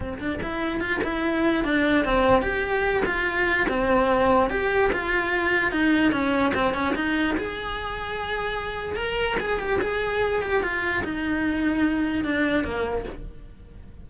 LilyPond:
\new Staff \with { instrumentName = "cello" } { \time 4/4 \tempo 4 = 147 c'8 d'8 e'4 f'8 e'4. | d'4 c'4 g'4. f'8~ | f'4 c'2 g'4 | f'2 dis'4 cis'4 |
c'8 cis'8 dis'4 gis'2~ | gis'2 ais'4 gis'8 g'8 | gis'4. g'8 f'4 dis'4~ | dis'2 d'4 ais4 | }